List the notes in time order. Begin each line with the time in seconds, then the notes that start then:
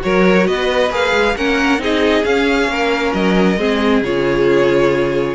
0.00 F#3 F#4 A#4 C#5
0.47 B3 B4 D#5
0.90 A#3 G#4 F5
1.14 G#3
1.37 A#3 C#4 A#4 F#5
1.79 C4 D#4 G#4 D#5
2.24 C#4 F5
2.68 A#3 A#4
3.14 F#3 D#5
3.57 G#3 C4 G#4
4.02 C#3 F4 C#5